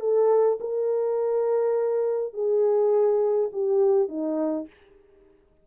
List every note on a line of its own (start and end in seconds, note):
0.00 0.58 A4
0.60 2.33 A#4
2.33 3.50 G#4
3.52 4.08 G4
4.08 4.67 D#4